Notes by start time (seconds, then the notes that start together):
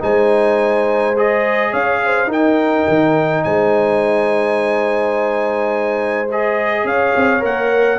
0.00 G#3 D#4 C5 G#5
1.17 G#4 D#5
1.72 C#4 C#5 F5
2.05 C5
2.27 D#4 A#4 G5
2.88 D#3
3.44 G#3 C5 G#5
6.31 G#4 D#5
6.85 C#4 C#5 F5
7.16 C4
7.40 A#3 A#4 F#5